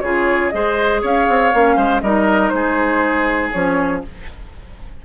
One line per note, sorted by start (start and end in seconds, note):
0.00 0.52 C#3
0.00 0.52 F4
0.00 0.54 G#4
0.00 0.50 C#5
0.50 1.03 G#3
0.50 1.52 G#4
0.50 1.02 C5
0.50 1.00 D#5
1.02 1.28 C#4
1.02 1.76 C#5
1.02 2.02 F5
1.29 1.54 C4
1.53 1.77 A#3
1.53 2.03 C#4
1.76 2.02 G#3
1.76 2.01 C5
2.02 2.52 G3
2.02 3.53 D#4
2.02 2.53 A#4
2.02 2.49 D#5
2.49 3.53 G#3
2.49 3.49 C5
2.55 4.05 G#4
3.52 4.05 F3
3.52 4.03 C#4
3.52 4.02 C#5